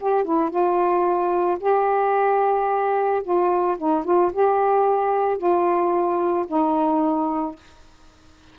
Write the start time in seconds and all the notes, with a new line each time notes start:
0.00 G4
0.24 E4
0.50 F4
1.60 G4
3.23 F4
3.78 D#4
4.04 F4
4.33 G4
5.37 F4
6.47 D#4